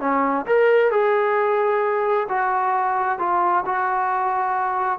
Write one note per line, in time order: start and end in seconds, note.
0.00 0.45 C#4
0.46 0.91 A#4
0.91 2.27 G#4
2.29 3.19 F#4
3.19 3.64 F4
3.65 4.99 F#4